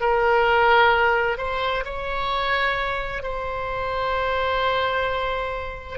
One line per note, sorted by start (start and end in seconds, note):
0.00 1.38 A#4
1.38 1.84 C5
1.85 3.22 C#5
3.22 5.98 C5